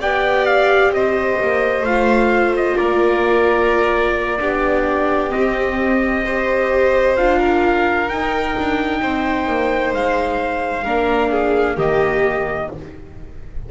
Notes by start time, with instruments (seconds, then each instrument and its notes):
0.00 double bass B3, viola G4, violin D5, trumpet G5
0.46 trumpet F5
0.91 double bass C4, violin C5, trumpet D#5
1.42 double bass A#3
1.81 double bass A3, viola F4, trumpet F5
2.57 trumpet D#5
2.77 double bass A#3, violin A#4, trumpet D5
4.39 double bass B3, viola D4, violin G4
5.30 viola C4, double bass C4, trumpet D#5
6.24 viola G4, violin C5
7.17 double bass D4, viola F4, trumpet F5
7.39 violin A#4
8.09 double bass D#4, viola D#4, trumpet G5
8.58 double bass D4
9.02 double bass C4, violin C5
9.47 double bass A#3
9.94 double bass G#3, trumpet F5
10.84 double bass A#3, viola D4, violin A#4
11.30 violin G#4
11.77 double bass D#3, viola A#3, violin G4, trumpet D#5